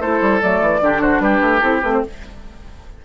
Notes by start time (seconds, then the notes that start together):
0.00 A3 E4 A4 C5
0.21 G3
0.41 F#3 A3 D5
0.61 E3
0.81 D3 D4 G4
1.01 F#4 C5
1.20 G3 G4 B4
1.41 A3
1.59 C4 E4 A4
1.82 A3 C4 B4
1.93 C5